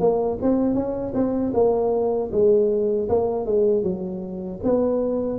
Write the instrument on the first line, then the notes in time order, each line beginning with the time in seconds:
tuba
0.00 A#3
0.42 C4
0.75 C#4
1.14 C4
1.54 A#3
2.32 G#3
3.09 A#3
3.46 G#3
3.83 F#3
4.64 B3